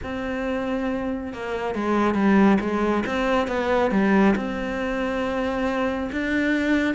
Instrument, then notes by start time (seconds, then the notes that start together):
cello
0.03 C4
1.33 A#3
1.74 G#3
2.14 G3
2.60 G#3
3.06 C4
3.47 B3
3.91 G3
4.36 C4
6.12 D4